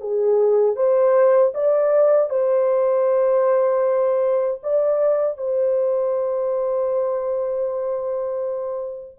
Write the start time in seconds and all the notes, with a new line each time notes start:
0.00 G#4
0.76 C5
1.55 D5
2.30 C5
4.63 D5
5.37 C5